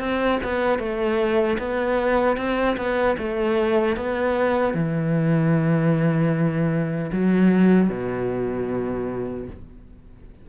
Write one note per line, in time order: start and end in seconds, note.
0.00 0.39 C4
0.44 0.79 B3
0.79 1.58 A3
1.59 2.37 B3
2.37 2.77 C4
2.77 3.17 B3
3.19 3.97 A3
3.97 4.74 B3
4.74 7.11 E3
7.12 7.89 F#3
7.89 9.47 B2